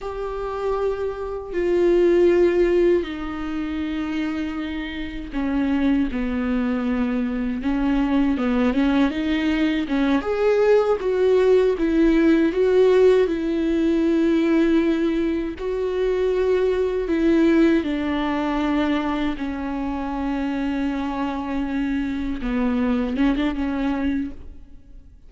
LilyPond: \new Staff \with { instrumentName = "viola" } { \time 4/4 \tempo 4 = 79 g'2 f'2 | dis'2. cis'4 | b2 cis'4 b8 cis'8 | dis'4 cis'8 gis'4 fis'4 e'8~ |
e'8 fis'4 e'2~ e'8~ | e'8 fis'2 e'4 d'8~ | d'4. cis'2~ cis'8~ | cis'4. b4 cis'16 d'16 cis'4 | }